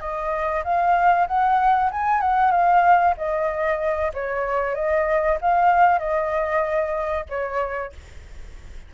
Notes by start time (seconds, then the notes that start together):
0.00 D#5
0.63 F5
1.27 F#5
1.91 G#5
2.21 F#5
2.51 F5
3.17 D#5
4.13 C#5
4.75 D#5
5.41 F5
5.99 D#5
7.29 C#5